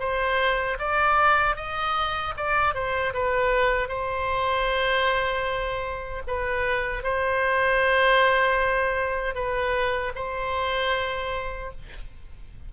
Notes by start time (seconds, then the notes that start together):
0.00 C5
0.79 D5
1.56 D#5
2.37 D5
2.74 C5
3.14 B4
3.89 C5
6.28 B4
7.04 C5
9.35 B4
10.15 C5